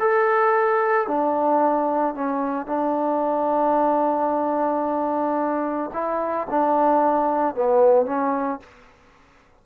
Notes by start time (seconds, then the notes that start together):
0.00 A4
1.08 D4
2.15 C#4
2.66 D4
5.93 E4
6.50 D4
7.55 B3
8.06 C#4